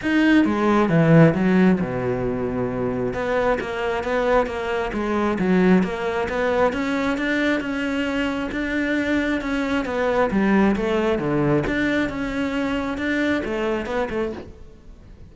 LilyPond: \new Staff \with { instrumentName = "cello" } { \time 4/4 \tempo 4 = 134 dis'4 gis4 e4 fis4 | b,2. b4 | ais4 b4 ais4 gis4 | fis4 ais4 b4 cis'4 |
d'4 cis'2 d'4~ | d'4 cis'4 b4 g4 | a4 d4 d'4 cis'4~ | cis'4 d'4 a4 b8 a8 | }